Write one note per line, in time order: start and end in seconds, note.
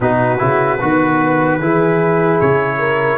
0.00 0.40 B2
0.00 0.38 D#4
0.00 0.81 F#4
0.00 2.40 B4
0.38 0.80 C#3
0.38 0.78 E4
0.80 1.60 D#3
0.80 1.61 B3
0.80 1.60 F#4
1.60 2.40 E3
1.60 3.17 E4
1.60 2.78 G#4
2.40 3.17 C#3
2.40 3.17 C#5
2.78 3.17 A#4